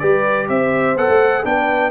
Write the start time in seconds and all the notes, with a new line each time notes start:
0.00 G3 G4 B4 D5
0.49 C4 C5 E5
0.96 B3 A4 F#5
1.09 A3
1.44 B3 D4 B4 G5